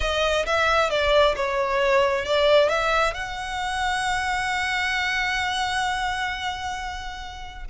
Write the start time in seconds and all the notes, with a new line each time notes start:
0.00 D#5
0.46 E5
0.90 D5
1.36 C#5
2.25 D5
2.69 E5
3.14 F#5